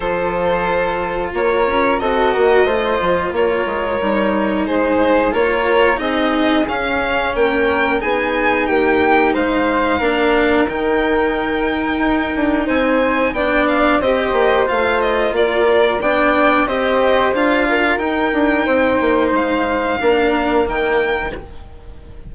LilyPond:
<<
  \new Staff \with { instrumentName = "violin" } { \time 4/4 \tempo 4 = 90 c''2 cis''4 dis''4~ | dis''4 cis''2 c''4 | cis''4 dis''4 f''4 g''4 | gis''4 g''4 f''2 |
g''2. gis''4 | g''8 f''8 dis''4 f''8 dis''8 d''4 | g''4 dis''4 f''4 g''4~ | g''4 f''2 g''4 | }
  \new Staff \with { instrumentName = "flute" } { \time 4/4 a'2 ais'4 a'8 ais'8 | c''4 ais'2 gis'4 | ais'4 gis'2 ais'4 | gis'4 g'4 c''4 ais'4~ |
ais'2. c''4 | d''4 c''2 ais'4 | d''4 c''4. ais'4. | c''2 ais'2 | }
  \new Staff \with { instrumentName = "cello" } { \time 4/4 f'2. fis'4 | f'2 dis'2 | f'4 dis'4 cis'2 | dis'2. d'4 |
dis'1 | d'4 g'4 f'2 | d'4 g'4 f'4 dis'4~ | dis'2 d'4 ais4 | }
  \new Staff \with { instrumentName = "bassoon" } { \time 4/4 f2 ais8 cis'8 c'8 ais8 | a8 f8 ais8 gis8 g4 gis4 | ais4 c'4 cis'4 ais4 | b4 ais4 gis4 ais4 |
dis2 dis'8 d'8 c'4 | b4 c'8 ais8 a4 ais4 | b4 c'4 d'4 dis'8 d'8 | c'8 ais8 gis4 ais4 dis4 | }
>>